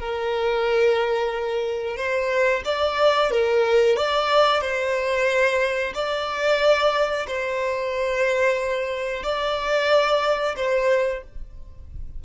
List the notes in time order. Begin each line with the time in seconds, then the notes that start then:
0.00 A#4
1.97 C5
2.65 D5
3.31 A#4
3.97 D5
4.62 C5
5.95 D5
7.28 C5
9.24 D5
10.57 C5